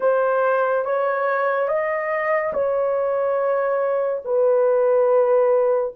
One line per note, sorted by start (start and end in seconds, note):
0.00 0.85 C5
0.85 1.68 C#5
1.68 2.52 D#5
2.53 4.22 C#5
4.24 5.93 B4